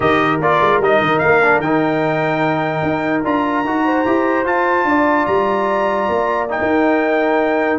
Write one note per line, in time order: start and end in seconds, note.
0.00 0.40 D#3
0.00 0.39 G4
0.00 3.84 A#4
0.00 0.40 D#5
0.40 0.60 A#3
0.40 0.82 F4
0.40 0.82 D5
0.60 0.79 G#3
0.79 0.99 G3
0.79 1.42 D#4
0.79 1.19 D#5
1.01 1.21 D#3
1.19 1.59 A#3
1.19 1.59 F5
1.42 1.63 D4
1.59 2.81 D#3
1.59 3.24 D#4
1.59 3.23 G5
2.82 3.23 D#4
3.24 3.64 D4
3.24 3.64 F4
3.24 4.46 A#5
3.64 4.05 D#4
3.64 4.06 F#4
3.85 4.86 C5
4.06 4.44 E4
4.06 4.45 G4
4.44 4.84 F4
4.44 6.47 F4
4.44 5.26 A5
4.84 5.25 D4
4.84 6.59 D5
5.26 6.08 G3
5.26 6.47 A#5
6.08 6.59 A#3
6.49 7.79 D#4
6.49 7.79 G5
6.59 7.79 D#4
6.59 7.79 A#4